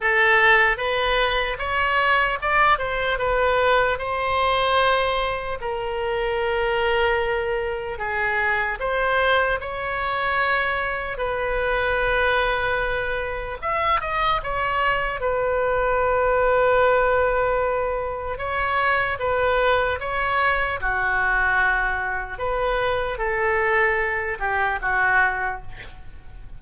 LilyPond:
\new Staff \with { instrumentName = "oboe" } { \time 4/4 \tempo 4 = 75 a'4 b'4 cis''4 d''8 c''8 | b'4 c''2 ais'4~ | ais'2 gis'4 c''4 | cis''2 b'2~ |
b'4 e''8 dis''8 cis''4 b'4~ | b'2. cis''4 | b'4 cis''4 fis'2 | b'4 a'4. g'8 fis'4 | }